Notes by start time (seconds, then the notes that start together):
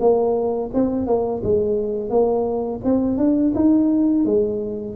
0.00 A#3
0.74 C4
1.07 A#3
1.43 G#3
2.10 A#3
2.84 C4
3.17 D4
3.55 D#4
4.25 G#3